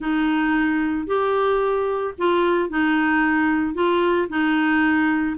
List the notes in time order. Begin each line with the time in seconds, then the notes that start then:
0.00 D#4
1.07 G4
2.18 F4
2.69 D#4
3.74 F4
4.29 D#4